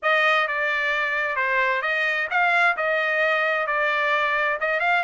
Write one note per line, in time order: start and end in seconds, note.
0.02 0.47 D#5
0.47 1.36 D5
1.36 1.82 C5
1.82 2.28 D#5
2.30 2.76 F5
2.76 3.66 D#5
3.66 4.58 D5
4.60 4.80 D#5
4.80 5.03 F5